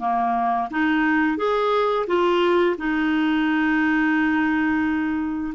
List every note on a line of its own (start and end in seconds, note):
0.00 0.69 A#3
0.71 1.38 D#4
1.38 2.07 G#4
2.07 2.76 F4
2.78 5.54 D#4